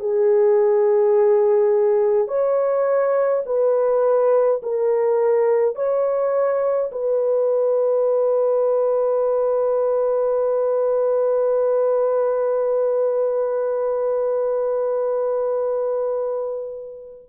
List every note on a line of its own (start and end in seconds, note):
0.00 2.28 G#4
2.28 3.44 C#5
3.46 4.62 B4
4.63 5.76 A#4
5.76 6.91 C#5
6.92 17.30 B4